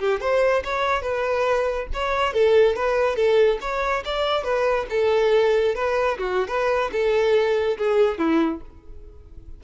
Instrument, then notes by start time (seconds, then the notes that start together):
violin
0.00 G4
0.21 C5
0.65 C#5
1.03 B4
1.94 C#5
2.34 A4
2.76 B4
3.16 A4
3.61 C#5
4.05 D5
4.44 B4
4.90 A4
5.76 B4
6.19 F#4
6.48 B4
6.93 A4
7.78 G#4
8.18 E4